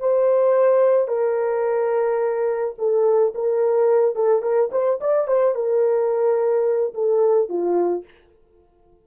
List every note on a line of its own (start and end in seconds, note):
0.00 1.08 C5
1.08 2.75 A#4
2.78 3.34 A4
3.35 4.15 A#4
4.15 4.42 A4
4.42 4.70 A#4
4.72 4.99 C5
5.01 5.28 D5
5.28 5.55 C5
5.55 6.94 A#4
6.94 7.49 A4
7.49 8.05 F4